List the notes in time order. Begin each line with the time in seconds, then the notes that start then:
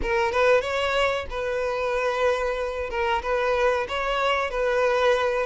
0.02 A#4
0.32 B4
0.61 C#5
1.30 B4
2.89 A#4
3.22 B4
3.88 C#5
4.50 B4